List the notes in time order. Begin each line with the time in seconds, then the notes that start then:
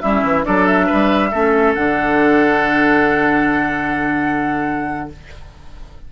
0.00 G3 C#4 E4 E5
0.23 E3
0.43 F#3 D4 A4 D5
0.65 E5
0.86 G3 B4
1.31 A3 C#4 A4
1.74 D3 D4 F#5